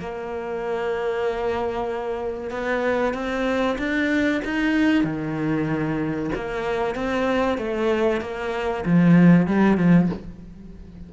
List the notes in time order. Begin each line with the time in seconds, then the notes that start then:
0.00 A#3
2.51 B3
3.14 C4
3.78 D4
4.45 D#4
5.04 D#3
6.35 A#3
6.95 C4
7.58 A3
8.21 A#3
8.86 F3
9.47 G3
9.77 F3